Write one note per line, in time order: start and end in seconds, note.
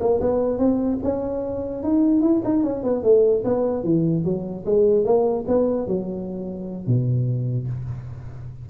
0.00 0.20 A#3
0.21 0.59 B3
0.59 0.99 C4
1.03 1.84 C#4
1.84 2.21 D#4
2.21 2.42 E4
2.45 2.64 D#4
2.64 2.83 C#4
2.83 3.04 B3
3.04 3.44 A3
3.45 3.84 B3
3.84 4.24 E3
4.25 4.65 F#3
4.66 5.05 G#3
5.05 5.45 A#3
5.48 5.87 B3
5.87 6.87 F#3
6.87 7.68 B2